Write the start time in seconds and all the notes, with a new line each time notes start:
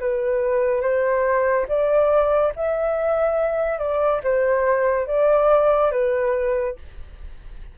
0.00 B4
0.81 C5
1.68 D5
2.56 E5
3.79 D5
4.23 C5
5.07 D5
5.91 B4